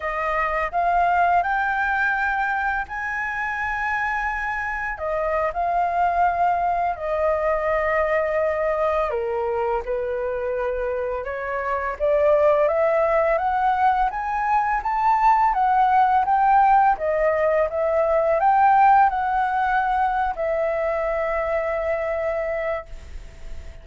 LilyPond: \new Staff \with { instrumentName = "flute" } { \time 4/4 \tempo 4 = 84 dis''4 f''4 g''2 | gis''2. dis''8. f''16~ | f''4.~ f''16 dis''2~ dis''16~ | dis''8. ais'4 b'2 cis''16~ |
cis''8. d''4 e''4 fis''4 gis''16~ | gis''8. a''4 fis''4 g''4 dis''16~ | dis''8. e''4 g''4 fis''4~ fis''16~ | fis''8 e''2.~ e''8 | }